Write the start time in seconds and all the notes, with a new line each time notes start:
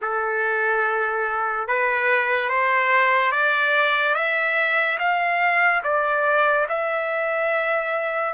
0.01 A4
1.67 B4
2.48 C5
3.31 D5
4.14 E5
4.98 F5
5.83 D5
6.69 E5